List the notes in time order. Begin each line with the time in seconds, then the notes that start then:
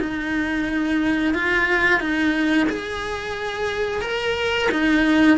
0.00 D#4
1.35 F4
2.00 D#4
2.70 G#4
4.02 A#4
4.72 D#4